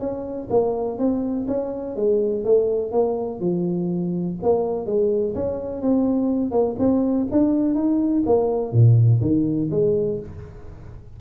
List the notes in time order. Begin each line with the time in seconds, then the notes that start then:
0.00 C#4
0.50 A#3
0.99 C4
1.48 C#4
1.97 G#3
2.45 A3
2.92 A#3
3.40 F3
4.43 A#3
4.87 G#3
5.35 C#4
5.82 C4
6.52 A#3
6.79 C4
7.32 D4
7.75 D#4
8.26 A#3
8.73 A#2
9.22 D#3
9.71 G#3